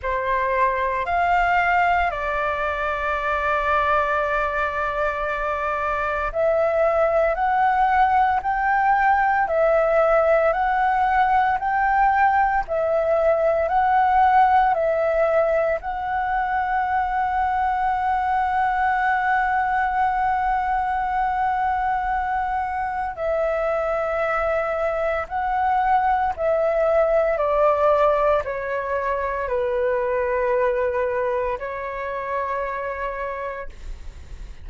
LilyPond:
\new Staff \with { instrumentName = "flute" } { \time 4/4 \tempo 4 = 57 c''4 f''4 d''2~ | d''2 e''4 fis''4 | g''4 e''4 fis''4 g''4 | e''4 fis''4 e''4 fis''4~ |
fis''1~ | fis''2 e''2 | fis''4 e''4 d''4 cis''4 | b'2 cis''2 | }